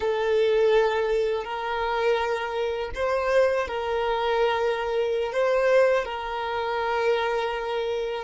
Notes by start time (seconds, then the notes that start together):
0.00 A4
1.44 A#4
2.94 C5
3.67 A#4
5.32 C5
6.04 A#4